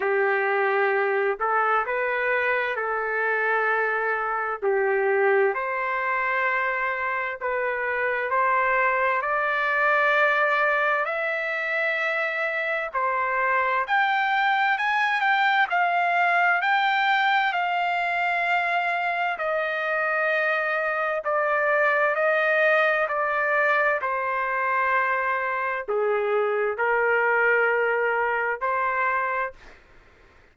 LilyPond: \new Staff \with { instrumentName = "trumpet" } { \time 4/4 \tempo 4 = 65 g'4. a'8 b'4 a'4~ | a'4 g'4 c''2 | b'4 c''4 d''2 | e''2 c''4 g''4 |
gis''8 g''8 f''4 g''4 f''4~ | f''4 dis''2 d''4 | dis''4 d''4 c''2 | gis'4 ais'2 c''4 | }